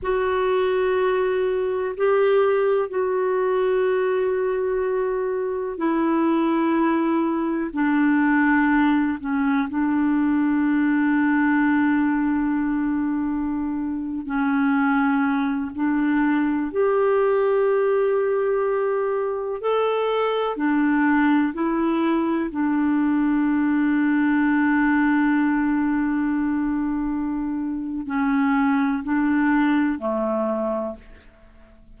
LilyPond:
\new Staff \with { instrumentName = "clarinet" } { \time 4/4 \tempo 4 = 62 fis'2 g'4 fis'4~ | fis'2 e'2 | d'4. cis'8 d'2~ | d'2~ d'8. cis'4~ cis'16~ |
cis'16 d'4 g'2~ g'8.~ | g'16 a'4 d'4 e'4 d'8.~ | d'1~ | d'4 cis'4 d'4 a4 | }